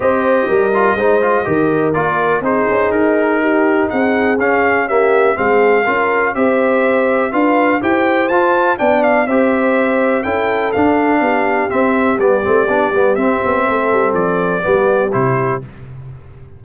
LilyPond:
<<
  \new Staff \with { instrumentName = "trumpet" } { \time 4/4 \tempo 4 = 123 dis''1 | d''4 c''4 ais'2 | fis''4 f''4 e''4 f''4~ | f''4 e''2 f''4 |
g''4 a''4 g''8 f''8 e''4~ | e''4 g''4 f''2 | e''4 d''2 e''4~ | e''4 d''2 c''4 | }
  \new Staff \with { instrumentName = "horn" } { \time 4/4 c''4 ais'4 c''4 ais'4~ | ais'4 gis'2 g'4 | gis'2 g'4 gis'4 | ais'4 c''2 b'4 |
c''2 d''4 c''4~ | c''4 a'2 g'4~ | g'1 | a'2 g'2 | }
  \new Staff \with { instrumentName = "trombone" } { \time 4/4 g'4. f'8 dis'8 f'8 g'4 | f'4 dis'2.~ | dis'4 cis'4 ais4 c'4 | f'4 g'2 f'4 |
g'4 f'4 d'4 g'4~ | g'4 e'4 d'2 | c'4 b8 c'8 d'8 b8 c'4~ | c'2 b4 e'4 | }
  \new Staff \with { instrumentName = "tuba" } { \time 4/4 c'4 g4 gis4 dis4 | ais4 c'8 cis'8 dis'2 | c'4 cis'2 gis4 | cis'4 c'2 d'4 |
e'4 f'4 b4 c'4~ | c'4 cis'4 d'4 b4 | c'4 g8 a8 b8 g8 c'8 b8 | a8 g8 f4 g4 c4 | }
>>